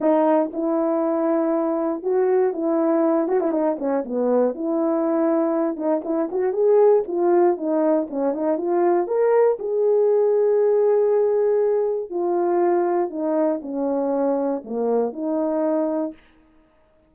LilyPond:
\new Staff \with { instrumentName = "horn" } { \time 4/4 \tempo 4 = 119 dis'4 e'2. | fis'4 e'4. fis'16 e'16 dis'8 cis'8 | b4 e'2~ e'8 dis'8 | e'8 fis'8 gis'4 f'4 dis'4 |
cis'8 dis'8 f'4 ais'4 gis'4~ | gis'1 | f'2 dis'4 cis'4~ | cis'4 ais4 dis'2 | }